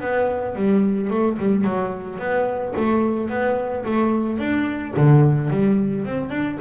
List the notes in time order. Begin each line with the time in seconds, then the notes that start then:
0.00 B3
0.55 G3
1.10 A3
1.38 G3
1.64 F#3
2.18 B3
2.76 A3
3.29 B3
3.85 A3
4.38 D4
4.96 D3
5.50 G3
6.05 C4
6.30 D4